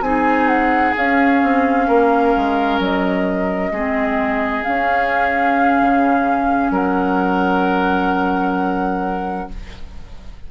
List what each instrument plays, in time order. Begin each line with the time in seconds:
0.00 bassoon C4, clarinet D#4, oboe G#4, flute G#5
0.47 flute F#5
0.97 bassoon C#4, clarinet C#4, flute F5
1.43 bassoon C4
1.87 bassoon A#3, oboe A#4
2.36 bassoon G#3
2.79 bassoon F#3, flute D#5
3.71 bassoon G#3, clarinet C4, oboe G#4
4.63 clarinet C#4, bassoon C#4, flute F5
5.81 bassoon C#3
6.70 bassoon F#3, oboe A#4, flute F#5